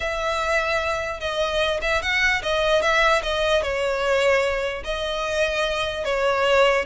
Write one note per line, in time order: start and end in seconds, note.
0.00 1.20 E5
1.20 1.80 D#5
1.81 2.02 E5
2.02 2.42 F#5
2.42 2.82 D#5
2.82 3.22 E5
3.23 3.62 D#5
3.62 4.83 C#5
4.84 6.04 D#5
6.04 6.85 C#5